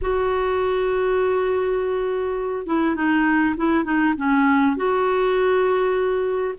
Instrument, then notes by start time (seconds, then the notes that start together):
clarinet
0.01 F#4
2.66 E4
2.95 D#4
3.56 E4
3.84 D#4
4.17 C#4
4.76 F#4